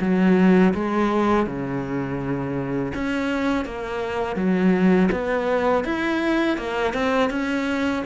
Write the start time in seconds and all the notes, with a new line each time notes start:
0.00 F#3
0.74 G#3
1.46 C#3
2.94 C#4
3.65 A#3
4.36 F#3
5.11 B3
5.84 E4
6.57 A#3
6.93 C4
7.29 C#4